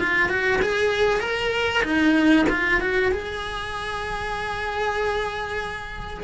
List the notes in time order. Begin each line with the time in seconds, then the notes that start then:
0.00 F4
0.29 F#4
0.62 G#4
1.21 A#4
1.84 D#4
2.50 F4
2.81 F#4
3.12 G#4